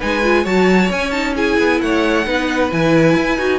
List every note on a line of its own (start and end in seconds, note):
0.00 0.46 G#3
0.00 0.23 D#4
0.00 0.43 B4
0.00 0.46 G#5
0.23 0.45 F4
0.43 0.90 F#3
0.43 0.90 F#4
0.43 1.33 C#5
0.43 0.91 A5
0.90 1.58 C#4
0.90 1.12 C#4
0.90 1.11 G#5
1.11 1.35 D#4
1.11 1.33 A5
1.36 2.25 E4
1.36 1.81 G#4
1.36 1.81 G#5
1.59 1.81 B3
1.81 2.26 A3
1.81 2.26 C#5
1.81 2.71 F#5
2.25 2.71 B3
2.25 2.70 D#4
2.25 3.59 B4
2.72 3.16 E3
2.72 3.38 E4
2.72 3.59 G#5
3.16 3.38 E4
3.38 3.59 D#4
3.38 3.59 F#4